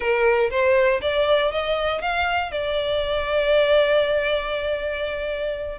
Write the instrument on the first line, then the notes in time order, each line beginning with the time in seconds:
violin
0.00 A#4
0.50 C5
1.01 D5
1.51 D#5
2.01 F5
2.51 D5